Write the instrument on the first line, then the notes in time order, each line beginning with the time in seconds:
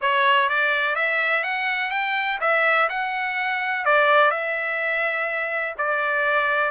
trumpet
0.01 C#5
0.49 D5
0.95 E5
1.43 F#5
1.90 G5
2.40 E5
2.89 F#5
3.85 D5
4.31 E5
5.77 D5